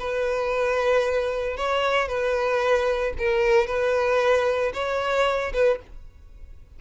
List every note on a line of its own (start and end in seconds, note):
0.00 1.57 B4
1.57 2.08 C#5
2.08 3.13 B4
3.19 3.67 A#4
3.67 4.72 B4
4.74 5.53 C#5
5.54 5.80 B4